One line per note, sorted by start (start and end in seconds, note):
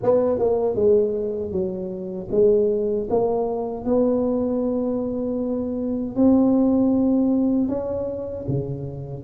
0.02 0.38 B3
0.38 0.75 A#3
0.75 1.51 G#3
1.51 2.28 F#3
2.31 3.08 G#3
3.10 3.84 A#3
3.84 6.15 B3
6.15 7.68 C4
7.68 8.45 C#4
8.48 9.24 C#3